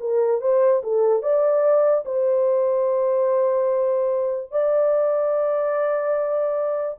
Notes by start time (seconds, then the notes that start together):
0.00 A#4
0.41 C5
0.83 A4
1.22 D5
2.05 C5
4.51 D5